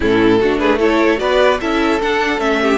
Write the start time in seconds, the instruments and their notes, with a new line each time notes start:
0.00 cello A2, viola C#4, violin E4 A4
0.40 cello A3, viola D4, violin F#4
0.58 violin G#4 B4
0.78 viola E4, violin A4 C#5
1.17 cello B3, viola F#4, violin B4 D5
1.60 cello C#4, viola E4, violin A4 E5
2.01 viola D4, cello D4, violin F#5
2.38 cello A3, viola C#4, violin E5
2.61 violin G4